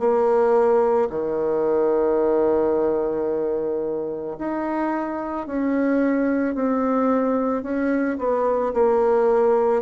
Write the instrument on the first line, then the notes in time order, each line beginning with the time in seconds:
bassoon
0.00 A#3
1.11 D#3
4.39 D#4
5.47 C#4
6.56 C4
7.63 C#4
8.19 B3
8.74 A#3